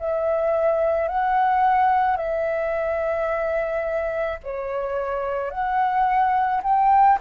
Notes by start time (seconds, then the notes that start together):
0.00 E5
1.09 F#5
2.17 E5
4.44 C#5
5.51 F#5
6.63 G5